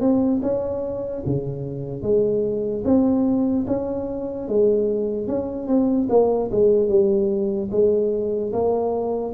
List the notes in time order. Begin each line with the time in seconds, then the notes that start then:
0.00 C4
0.42 C#4
1.26 C#3
2.02 G#3
2.85 C4
3.67 C#4
4.48 G#3
5.27 C#4
5.67 C4
6.09 A#3
6.51 G#3
6.88 G3
7.71 G#3
8.52 A#3